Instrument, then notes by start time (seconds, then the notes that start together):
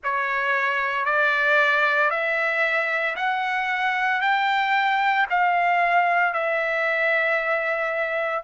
trumpet
0.03 C#5
1.05 D5
2.10 E5
3.16 F#5
4.21 G5
5.30 F5
6.33 E5